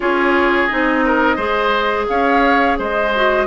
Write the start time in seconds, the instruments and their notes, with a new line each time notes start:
0.00 bassoon C#4, clarinet F4, oboe G#4, flute C#5
0.66 bassoon C4, clarinet D#4, flute D#5
1.05 oboe A#4
1.36 bassoon G#3, clarinet G#4, oboe C5
2.08 bassoon C#4, oboe C#5, flute F5
2.78 bassoon G#3, oboe C5, flute D#5
3.15 clarinet F#4